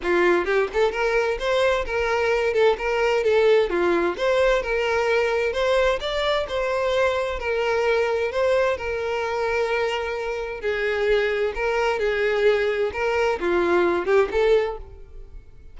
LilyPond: \new Staff \with { instrumentName = "violin" } { \time 4/4 \tempo 4 = 130 f'4 g'8 a'8 ais'4 c''4 | ais'4. a'8 ais'4 a'4 | f'4 c''4 ais'2 | c''4 d''4 c''2 |
ais'2 c''4 ais'4~ | ais'2. gis'4~ | gis'4 ais'4 gis'2 | ais'4 f'4. g'8 a'4 | }